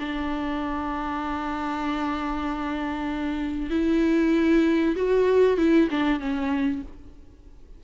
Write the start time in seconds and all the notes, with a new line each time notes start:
0.00 D4
3.71 E4
4.96 F#4
5.58 E4
5.91 D4
6.20 C#4